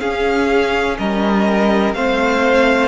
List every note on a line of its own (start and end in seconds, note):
0.00 0.98 C#4
0.00 1.95 C#4
0.00 0.97 G#4
0.00 0.97 F5
0.98 1.94 G3
0.98 1.95 A#4
0.98 1.94 D#5
1.94 2.87 A3
1.94 2.87 C4
1.94 2.87 C5
1.94 2.87 F5